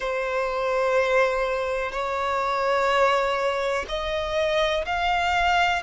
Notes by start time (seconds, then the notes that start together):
0.00 C5
1.92 C#5
3.88 D#5
4.85 F5